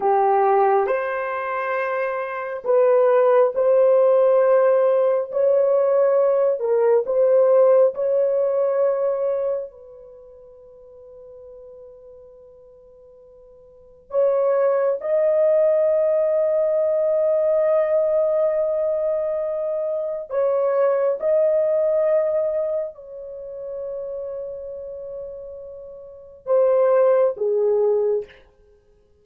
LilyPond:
\new Staff \with { instrumentName = "horn" } { \time 4/4 \tempo 4 = 68 g'4 c''2 b'4 | c''2 cis''4. ais'8 | c''4 cis''2 b'4~ | b'1 |
cis''4 dis''2.~ | dis''2. cis''4 | dis''2 cis''2~ | cis''2 c''4 gis'4 | }